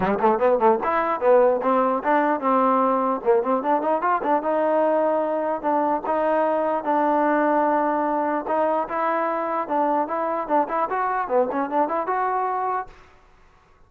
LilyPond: \new Staff \with { instrumentName = "trombone" } { \time 4/4 \tempo 4 = 149 g8 a8 b8 a8 e'4 b4 | c'4 d'4 c'2 | ais8 c'8 d'8 dis'8 f'8 d'8 dis'4~ | dis'2 d'4 dis'4~ |
dis'4 d'2.~ | d'4 dis'4 e'2 | d'4 e'4 d'8 e'8 fis'4 | b8 cis'8 d'8 e'8 fis'2 | }